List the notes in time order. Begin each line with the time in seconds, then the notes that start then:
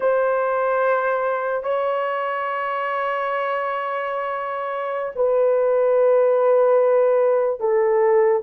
0.00 C5
1.63 C#5
5.15 B4
7.60 A4